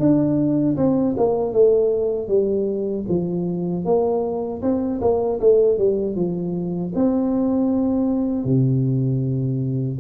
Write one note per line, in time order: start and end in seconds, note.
0.00 0.77 D4
0.77 1.16 C4
1.17 1.53 A#3
1.53 2.29 A3
2.29 3.06 G3
3.09 3.85 F3
3.85 4.62 A#3
4.63 5.01 C4
5.01 5.40 A#3
5.40 5.79 A3
5.79 6.16 G3
6.16 6.93 F3
6.95 8.45 C4
8.45 9.99 C3